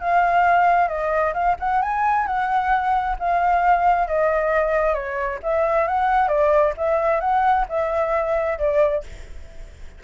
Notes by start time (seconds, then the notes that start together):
0.00 F5
0.88 D#5
1.33 F5
1.59 F#5
1.82 G#5
2.26 F#5
3.19 F5
4.07 D#5
4.94 C#5
5.43 E5
5.87 F#5
6.28 D5
6.77 E5
7.20 F#5
7.69 E5
8.58 D5